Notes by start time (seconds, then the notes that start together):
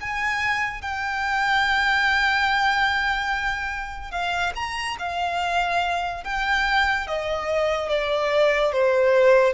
0.00 G#5
0.81 G5
4.11 F5
4.55 A#5
4.98 F5
6.23 G5
7.07 D#5
7.89 D5
8.72 C5